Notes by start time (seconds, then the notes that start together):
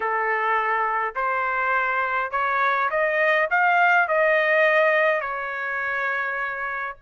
0.00 A4
1.15 C5
2.31 C#5
2.90 D#5
3.50 F5
4.08 D#5
5.20 C#5